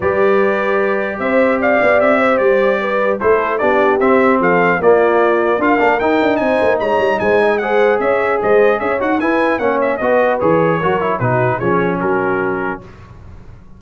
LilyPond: <<
  \new Staff \with { instrumentName = "trumpet" } { \time 4/4 \tempo 4 = 150 d''2. e''4 | f''4 e''4 d''2 | c''4 d''4 e''4 f''4 | d''2 f''4 g''4 |
gis''4 ais''4 gis''4 fis''4 | e''4 dis''4 e''8 fis''8 gis''4 | fis''8 e''8 dis''4 cis''2 | b'4 cis''4 ais'2 | }
  \new Staff \with { instrumentName = "horn" } { \time 4/4 b'2. c''4 | d''4. c''4. b'4 | a'4 g'2 a'4 | f'2 ais'2 |
c''4 cis''4 c''8 dis''8 c''4 | cis''4 c''4 cis''4 b'4 | cis''4 b'2 ais'4 | fis'4 gis'4 fis'2 | }
  \new Staff \with { instrumentName = "trombone" } { \time 4/4 g'1~ | g'1 | e'4 d'4 c'2 | ais2 f'8 d'8 dis'4~ |
dis'2. gis'4~ | gis'2~ gis'8 fis'8 e'4 | cis'4 fis'4 gis'4 fis'8 e'8 | dis'4 cis'2. | }
  \new Staff \with { instrumentName = "tuba" } { \time 4/4 g2. c'4~ | c'8 b8 c'4 g2 | a4 b4 c'4 f4 | ais2 d'8 ais8 dis'8 d'8 |
c'8 ais8 gis8 g8 gis2 | cis'4 gis4 cis'8 dis'8 e'4 | ais4 b4 e4 fis4 | b,4 f4 fis2 | }
>>